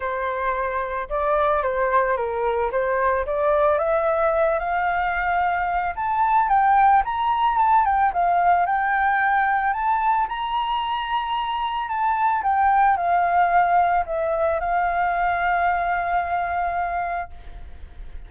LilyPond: \new Staff \with { instrumentName = "flute" } { \time 4/4 \tempo 4 = 111 c''2 d''4 c''4 | ais'4 c''4 d''4 e''4~ | e''8 f''2~ f''8 a''4 | g''4 ais''4 a''8 g''8 f''4 |
g''2 a''4 ais''4~ | ais''2 a''4 g''4 | f''2 e''4 f''4~ | f''1 | }